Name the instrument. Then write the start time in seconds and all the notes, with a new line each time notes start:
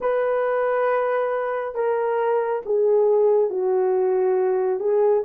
horn
0.00 B4
1.74 A#4
2.65 G#4
3.49 F#4
4.79 G#4